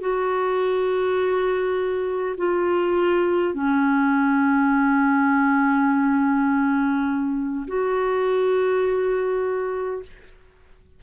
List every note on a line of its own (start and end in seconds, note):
0.00 2.35 F#4
2.37 3.54 F4
3.54 7.66 C#4
7.67 10.03 F#4